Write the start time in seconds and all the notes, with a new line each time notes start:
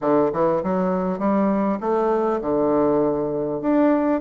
0.01 D3
0.32 E3
0.63 F#3
1.18 G3
1.80 A3
2.41 D3
3.61 D4